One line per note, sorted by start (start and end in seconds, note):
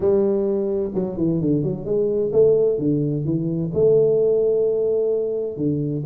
0.00 0.91 G3
0.94 1.17 F#3
1.17 1.40 E3
1.41 1.63 D3
1.63 1.85 F#3
1.85 2.31 G#3
2.32 2.78 A3
2.78 3.24 D3
3.24 3.71 E3
3.73 5.57 A3
5.57 6.03 D3